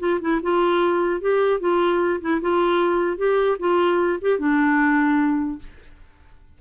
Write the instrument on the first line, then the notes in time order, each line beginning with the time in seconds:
clarinet
0.00 F4
0.21 E4
0.43 F4
1.21 G4
1.60 F4
2.21 E4
2.42 F4
3.18 G4
3.59 F4
4.22 G4
4.39 D4